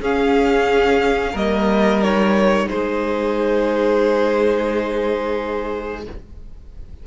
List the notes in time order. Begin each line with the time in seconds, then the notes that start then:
0.00 C#4 G#4 F5
1.32 G3 A#3 A#4 D#5
2.02 D#4 C#5
2.69 G#3 G#4 C5